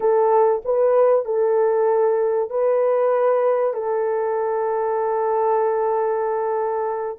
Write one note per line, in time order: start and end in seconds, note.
0.00 0.62 A4
0.64 1.25 B4
1.25 2.50 A4
2.50 3.73 B4
3.73 7.17 A4